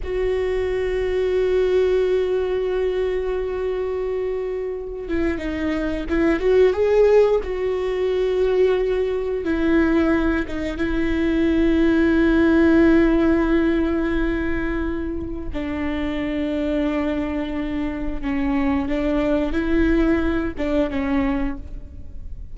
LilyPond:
\new Staff \with { instrumentName = "viola" } { \time 4/4 \tempo 4 = 89 fis'1~ | fis'2.~ fis'8 e'8 | dis'4 e'8 fis'8 gis'4 fis'4~ | fis'2 e'4. dis'8 |
e'1~ | e'2. d'4~ | d'2. cis'4 | d'4 e'4. d'8 cis'4 | }